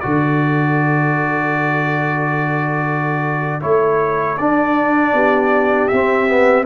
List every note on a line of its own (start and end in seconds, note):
0.00 3.63 D3
0.00 3.61 F#4
0.00 5.15 A4
0.00 3.61 D5
3.61 4.39 A3
3.61 4.37 E4
3.61 4.37 C#5
4.37 5.13 D4
4.37 5.92 D4
4.37 5.88 D5
5.13 5.89 B3
5.13 6.66 G4
5.88 6.66 C4
5.88 6.28 C4
5.88 6.64 E5
6.28 6.66 B3